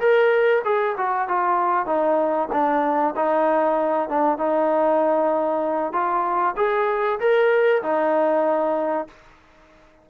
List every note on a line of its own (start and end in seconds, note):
0.00 0.62 A#4
0.65 0.96 G#4
0.97 1.28 F#4
1.28 1.86 F4
1.86 2.49 D#4
2.53 3.15 D4
3.16 4.09 D#4
4.09 4.38 D4
4.38 5.93 D#4
5.93 6.55 F4
6.57 7.20 G#4
7.20 7.82 A#4
7.83 9.08 D#4